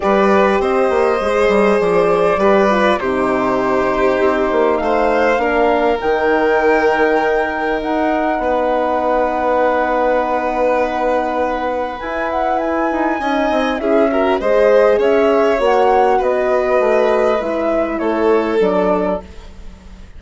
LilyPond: <<
  \new Staff \with { instrumentName = "flute" } { \time 4/4 \tempo 4 = 100 d''4 dis''2 d''4~ | d''4 c''2. | f''2 g''2~ | g''4 fis''2.~ |
fis''1 | gis''8 fis''8 gis''2 e''4 | dis''4 e''4 fis''4 dis''4~ | dis''4 e''4 cis''4 d''4 | }
  \new Staff \with { instrumentName = "violin" } { \time 4/4 b'4 c''2. | b'4 g'2. | c''4 ais'2.~ | ais'2 b'2~ |
b'1~ | b'2 dis''4 gis'8 ais'8 | c''4 cis''2 b'4~ | b'2 a'2 | }
  \new Staff \with { instrumentName = "horn" } { \time 4/4 g'2 gis'2 | g'8 f'8 dis'2.~ | dis'4 d'4 dis'2~ | dis'1~ |
dis'1 | e'2 dis'4 e'8 fis'8 | gis'2 fis'2~ | fis'4 e'2 d'4 | }
  \new Staff \with { instrumentName = "bassoon" } { \time 4/4 g4 c'8 ais8 gis8 g8 f4 | g4 c2 c'8 ais8 | a4 ais4 dis2~ | dis4 dis'4 b2~ |
b1 | e'4. dis'8 cis'8 c'8 cis'4 | gis4 cis'4 ais4 b4 | a4 gis4 a4 fis4 | }
>>